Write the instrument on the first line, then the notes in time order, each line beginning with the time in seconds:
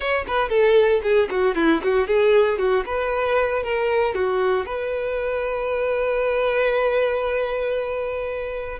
violin
0.00 C#5
0.27 B4
0.49 A4
1.02 G#4
1.30 F#4
1.55 E4
1.83 F#4
2.07 G#4
2.58 F#4
2.85 B4
3.63 A#4
4.14 F#4
4.65 B4